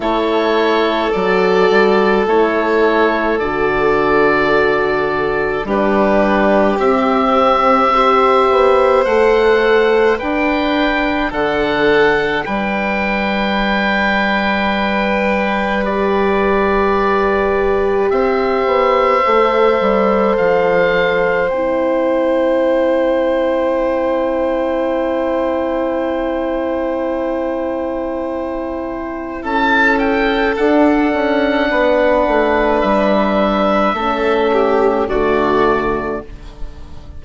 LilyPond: <<
  \new Staff \with { instrumentName = "oboe" } { \time 4/4 \tempo 4 = 53 cis''4 d''4 cis''4 d''4~ | d''4 b'4 e''2 | fis''4 g''4 fis''4 g''4~ | g''2 d''2 |
e''2 f''4 g''4~ | g''1~ | g''2 a''8 g''8 fis''4~ | fis''4 e''2 d''4 | }
  \new Staff \with { instrumentName = "violin" } { \time 4/4 a'1~ | a'4 g'2 c''4~ | c''4 b'4 a'4 b'4~ | b'1 |
c''1~ | c''1~ | c''2 a'2 | b'2 a'8 g'8 fis'4 | }
  \new Staff \with { instrumentName = "horn" } { \time 4/4 e'4 fis'4 e'4 fis'4~ | fis'4 d'4 c'4 g'4 | a'4 d'2.~ | d'2 g'2~ |
g'4 a'2 e'4~ | e'1~ | e'2. d'4~ | d'2 cis'4 a4 | }
  \new Staff \with { instrumentName = "bassoon" } { \time 4/4 a4 fis8 g8 a4 d4~ | d4 g4 c'4. b8 | a4 d'4 d4 g4~ | g1 |
c'8 b8 a8 g8 f4 c'4~ | c'1~ | c'2 cis'4 d'8 cis'8 | b8 a8 g4 a4 d4 | }
>>